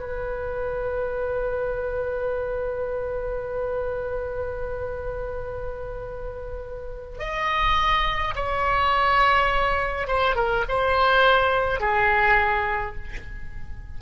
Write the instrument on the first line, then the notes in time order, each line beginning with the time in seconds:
oboe
0.00 B4
7.19 D#5
8.35 C#5
10.08 C5
10.36 A#4
10.69 C5
11.81 G#4